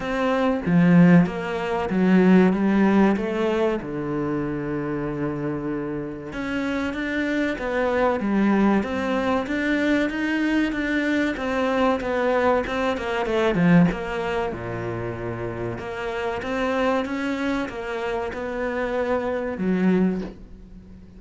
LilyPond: \new Staff \with { instrumentName = "cello" } { \time 4/4 \tempo 4 = 95 c'4 f4 ais4 fis4 | g4 a4 d2~ | d2 cis'4 d'4 | b4 g4 c'4 d'4 |
dis'4 d'4 c'4 b4 | c'8 ais8 a8 f8 ais4 ais,4~ | ais,4 ais4 c'4 cis'4 | ais4 b2 fis4 | }